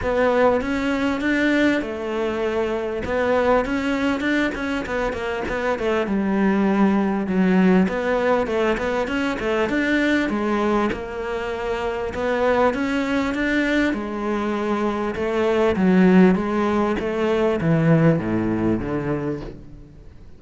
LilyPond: \new Staff \with { instrumentName = "cello" } { \time 4/4 \tempo 4 = 99 b4 cis'4 d'4 a4~ | a4 b4 cis'4 d'8 cis'8 | b8 ais8 b8 a8 g2 | fis4 b4 a8 b8 cis'8 a8 |
d'4 gis4 ais2 | b4 cis'4 d'4 gis4~ | gis4 a4 fis4 gis4 | a4 e4 a,4 d4 | }